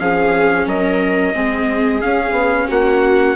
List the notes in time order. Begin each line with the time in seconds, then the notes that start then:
0.00 F3 C#4 G#4 F5
0.66 F#3 A#4 D#5
1.34 G#3 C4 G#4
2.01 C#4 F5
2.32 B3
2.68 A#3 F#4 F#5